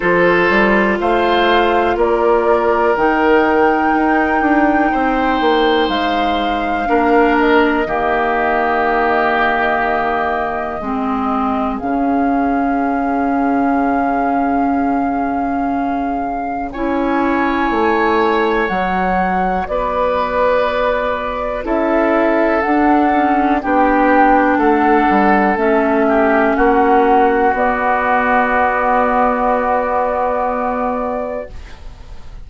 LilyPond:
<<
  \new Staff \with { instrumentName = "flute" } { \time 4/4 \tempo 4 = 61 c''4 f''4 d''4 g''4~ | g''2 f''4. dis''8~ | dis''1 | f''1~ |
f''4 gis''2 fis''4 | d''2 e''4 fis''4 | g''4 fis''4 e''4 fis''4 | d''1 | }
  \new Staff \with { instrumentName = "oboe" } { \time 4/4 a'4 c''4 ais'2~ | ais'4 c''2 ais'4 | g'2. gis'4~ | gis'1~ |
gis'4 cis''2. | b'2 a'2 | g'4 a'4. g'8 fis'4~ | fis'1 | }
  \new Staff \with { instrumentName = "clarinet" } { \time 4/4 f'2. dis'4~ | dis'2. d'4 | ais2. c'4 | cis'1~ |
cis'4 e'2 fis'4~ | fis'2 e'4 d'8 cis'8 | d'2 cis'2 | b1 | }
  \new Staff \with { instrumentName = "bassoon" } { \time 4/4 f8 g8 a4 ais4 dis4 | dis'8 d'8 c'8 ais8 gis4 ais4 | dis2. gis4 | cis1~ |
cis4 cis'4 a4 fis4 | b2 cis'4 d'4 | b4 a8 g8 a4 ais4 | b1 | }
>>